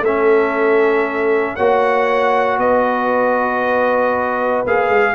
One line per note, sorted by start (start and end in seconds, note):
0.00 1.54 A3
0.00 1.55 A4
0.00 1.56 E5
0.06 1.59 C#4
1.55 2.58 A#3
1.55 4.67 F#4
1.55 2.58 C#5
1.55 2.58 F#5
2.58 4.63 B3
2.58 5.15 B4
2.58 4.65 D#5
4.65 4.89 A#3
4.65 5.15 G#4
4.65 5.15 F5
4.89 5.15 G#3